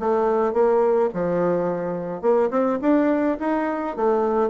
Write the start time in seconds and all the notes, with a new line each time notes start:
0.00 A3
0.54 A#3
1.14 F3
2.22 A#3
2.51 C4
2.82 D4
3.40 D#4
3.96 A3